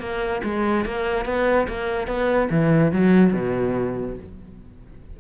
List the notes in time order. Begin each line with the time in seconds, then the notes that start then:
0.00 A#3
0.44 G#3
0.85 A#3
1.25 B3
1.68 A#3
2.07 B3
2.51 E3
2.92 F#3
3.34 B2